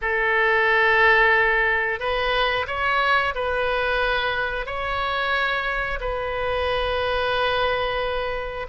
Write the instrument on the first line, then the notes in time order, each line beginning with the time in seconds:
oboe
0.01 A4
1.99 B4
2.67 C#5
3.34 B4
4.65 C#5
6.00 B4